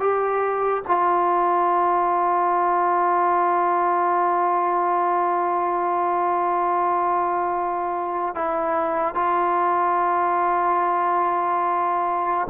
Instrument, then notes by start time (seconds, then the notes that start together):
trombone
0.00 G4
0.87 F4
8.36 E4
9.15 F4